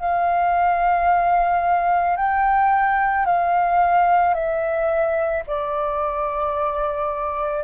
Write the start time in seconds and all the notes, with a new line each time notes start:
0.00 F5
2.17 G5
3.26 F5
4.34 E5
5.47 D5